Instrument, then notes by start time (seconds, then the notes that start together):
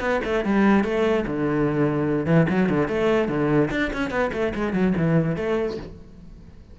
cello
0.00 B3
0.24 A3
0.45 G3
0.84 A3
1.26 D3
2.26 E3
2.49 F#3
2.69 D3
2.88 A3
3.28 D3
3.71 D4
3.93 C#4
4.10 B3
4.33 A3
4.54 G#3
4.73 F#3
4.97 E3
5.36 A3